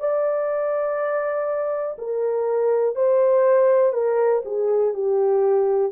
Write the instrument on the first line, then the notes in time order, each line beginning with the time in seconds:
horn
0.00 D5
1.99 A#4
2.96 C5
3.93 A#4
4.45 G#4
4.94 G4